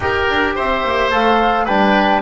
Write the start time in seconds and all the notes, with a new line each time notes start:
0.00 D#4 G4 A#4 G5
0.29 D4
0.55 C4 C5 E5
0.83 A#3
1.11 A3 A4 F5
1.65 G3 D4 B4 G5